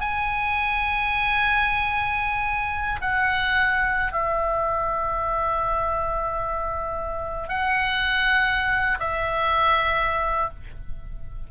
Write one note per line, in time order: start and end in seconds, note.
0.00 3.00 G#5
3.01 4.12 F#5
4.12 7.48 E5
7.48 8.98 F#5
8.99 10.49 E5